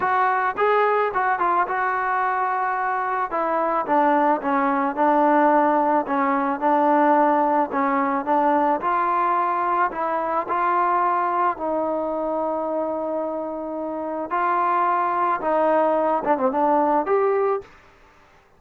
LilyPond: \new Staff \with { instrumentName = "trombone" } { \time 4/4 \tempo 4 = 109 fis'4 gis'4 fis'8 f'8 fis'4~ | fis'2 e'4 d'4 | cis'4 d'2 cis'4 | d'2 cis'4 d'4 |
f'2 e'4 f'4~ | f'4 dis'2.~ | dis'2 f'2 | dis'4. d'16 c'16 d'4 g'4 | }